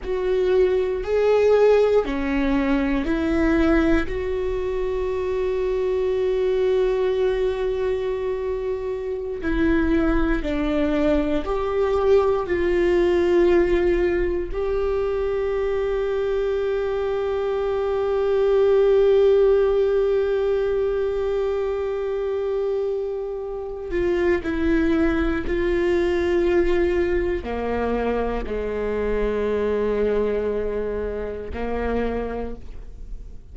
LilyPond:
\new Staff \with { instrumentName = "viola" } { \time 4/4 \tempo 4 = 59 fis'4 gis'4 cis'4 e'4 | fis'1~ | fis'4~ fis'16 e'4 d'4 g'8.~ | g'16 f'2 g'4.~ g'16~ |
g'1~ | g'2.~ g'8 f'8 | e'4 f'2 ais4 | gis2. ais4 | }